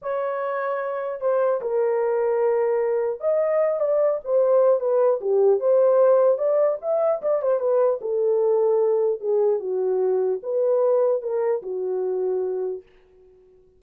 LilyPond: \new Staff \with { instrumentName = "horn" } { \time 4/4 \tempo 4 = 150 cis''2. c''4 | ais'1 | dis''4. d''4 c''4. | b'4 g'4 c''2 |
d''4 e''4 d''8 c''8 b'4 | a'2. gis'4 | fis'2 b'2 | ais'4 fis'2. | }